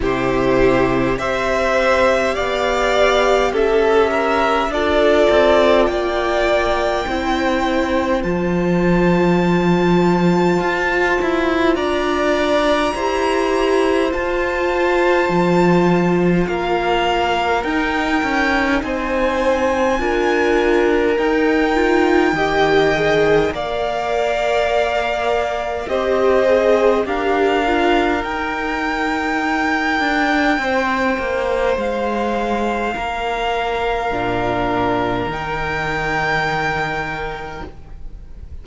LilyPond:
<<
  \new Staff \with { instrumentName = "violin" } { \time 4/4 \tempo 4 = 51 c''4 e''4 f''4 e''4 | d''4 g''2 a''4~ | a''2 ais''2 | a''2 f''4 g''4 |
gis''2 g''2 | f''2 dis''4 f''4 | g''2. f''4~ | f''2 g''2 | }
  \new Staff \with { instrumentName = "violin" } { \time 4/4 g'4 c''4 d''4 a'8 ais'8 | a'4 d''4 c''2~ | c''2 d''4 c''4~ | c''2 ais'2 |
c''4 ais'2 dis''4 | d''2 c''4 ais'4~ | ais'2 c''2 | ais'1 | }
  \new Staff \with { instrumentName = "viola" } { \time 4/4 e'4 g'2. | f'2 e'4 f'4~ | f'2. g'4 | f'2. dis'4~ |
dis'4 f'4 dis'8 f'8 g'8 gis'8 | ais'2 g'8 gis'8 g'8 f'8 | dis'1~ | dis'4 d'4 dis'2 | }
  \new Staff \with { instrumentName = "cello" } { \time 4/4 c4 c'4 b4 cis'4 | d'8 c'8 ais4 c'4 f4~ | f4 f'8 e'8 d'4 e'4 | f'4 f4 ais4 dis'8 cis'8 |
c'4 d'4 dis'4 dis4 | ais2 c'4 d'4 | dis'4. d'8 c'8 ais8 gis4 | ais4 ais,4 dis2 | }
>>